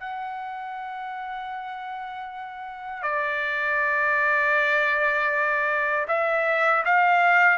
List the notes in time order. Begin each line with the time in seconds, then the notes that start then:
0.00 F#5
3.03 D5
6.08 E5
6.85 F5